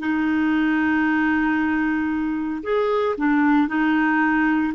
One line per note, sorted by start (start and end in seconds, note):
0.00 2.63 D#4
2.63 3.16 G#4
3.18 3.68 D4
3.68 4.74 D#4